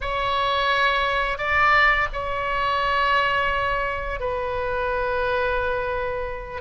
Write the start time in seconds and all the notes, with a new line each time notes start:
0.01 C#5
1.38 D5
2.12 C#5
4.20 B4